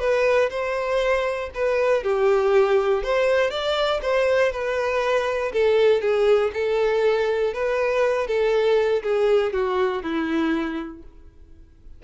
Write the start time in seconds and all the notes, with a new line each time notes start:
0.00 B4
0.50 C5
1.54 B4
2.03 G4
3.03 C5
3.50 D5
4.02 C5
4.52 B4
5.52 A4
6.01 G#4
6.54 A4
7.54 B4
8.28 A4
9.03 G#4
9.53 F#4
10.03 E4